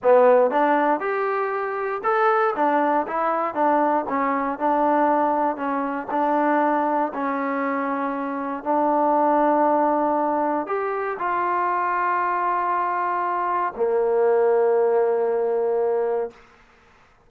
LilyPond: \new Staff \with { instrumentName = "trombone" } { \time 4/4 \tempo 4 = 118 b4 d'4 g'2 | a'4 d'4 e'4 d'4 | cis'4 d'2 cis'4 | d'2 cis'2~ |
cis'4 d'2.~ | d'4 g'4 f'2~ | f'2. ais4~ | ais1 | }